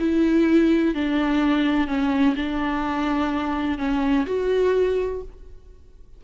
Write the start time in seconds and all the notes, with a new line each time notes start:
0.00 E4
0.95 D4
1.88 C#4
2.36 D4
3.79 C#4
4.27 F#4